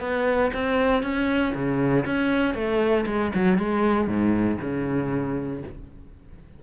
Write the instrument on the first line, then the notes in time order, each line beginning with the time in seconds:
cello
0.00 B3
0.54 C4
1.02 C#4
1.54 C#3
2.06 C#4
2.54 A3
3.06 G#3
3.35 F#3
3.58 G#3
4.07 G#2
4.61 C#3